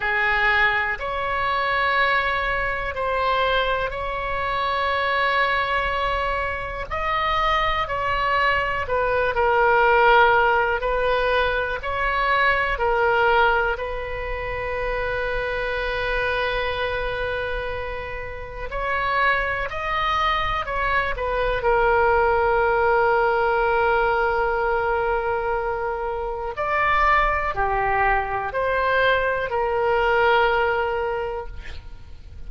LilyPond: \new Staff \with { instrumentName = "oboe" } { \time 4/4 \tempo 4 = 61 gis'4 cis''2 c''4 | cis''2. dis''4 | cis''4 b'8 ais'4. b'4 | cis''4 ais'4 b'2~ |
b'2. cis''4 | dis''4 cis''8 b'8 ais'2~ | ais'2. d''4 | g'4 c''4 ais'2 | }